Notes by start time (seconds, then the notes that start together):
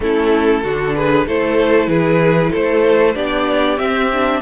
0.00 A3 C#4 E4 A4
0.63 D3 D4 F#4
0.95 G#4 B4
1.27 A3 E4 A4 C5
1.87 E3 G#4 B4
2.51 A3 A4 C5
3.14 B3 D4 G4 D5
3.77 C4 E5
4.12 D4